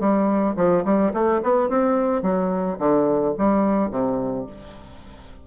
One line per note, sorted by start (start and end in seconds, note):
0.00 0.56 G3
0.57 0.84 F3
0.85 1.12 G3
1.14 1.41 A3
1.43 1.69 B3
1.69 2.22 C4
2.22 2.78 F#3
2.79 3.35 D3
3.38 3.91 G3
3.91 4.46 C3